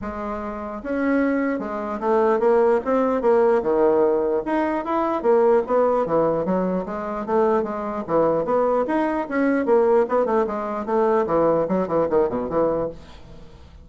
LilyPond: \new Staff \with { instrumentName = "bassoon" } { \time 4/4 \tempo 4 = 149 gis2 cis'2 | gis4 a4 ais4 c'4 | ais4 dis2 dis'4 | e'4 ais4 b4 e4 |
fis4 gis4 a4 gis4 | e4 b4 dis'4 cis'4 | ais4 b8 a8 gis4 a4 | e4 fis8 e8 dis8 b,8 e4 | }